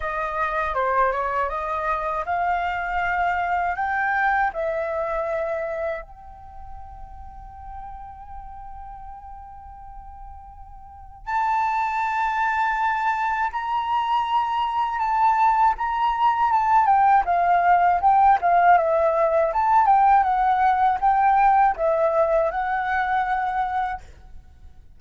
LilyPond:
\new Staff \with { instrumentName = "flute" } { \time 4/4 \tempo 4 = 80 dis''4 c''8 cis''8 dis''4 f''4~ | f''4 g''4 e''2 | g''1~ | g''2. a''4~ |
a''2 ais''2 | a''4 ais''4 a''8 g''8 f''4 | g''8 f''8 e''4 a''8 g''8 fis''4 | g''4 e''4 fis''2 | }